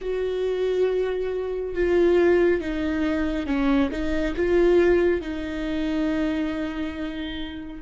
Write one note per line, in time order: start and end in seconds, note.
0.01 1.74 F#4
1.74 2.60 F4
2.60 3.46 D#4
3.46 3.90 C#4
3.91 4.34 D#4
4.36 5.21 F4
5.21 7.81 D#4